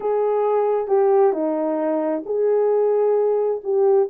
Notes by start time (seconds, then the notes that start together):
0.00 G#4
0.87 G4
1.32 D#4
2.25 G#4
3.63 G4